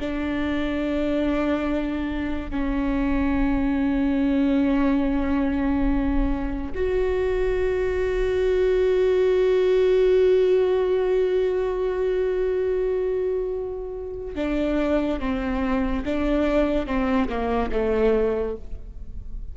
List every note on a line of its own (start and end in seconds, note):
0.00 2.50 D4
2.50 6.73 C#4
6.75 14.35 F#4
14.35 15.20 D4
15.20 16.04 C4
16.05 16.86 D4
16.86 17.29 C4
17.29 17.71 A#3
17.72 18.56 A3